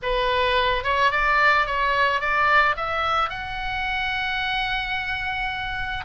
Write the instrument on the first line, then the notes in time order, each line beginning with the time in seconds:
oboe
0.02 B4
0.83 C#5
1.11 D5
1.66 C#5
2.20 D5
2.76 E5
3.29 F#5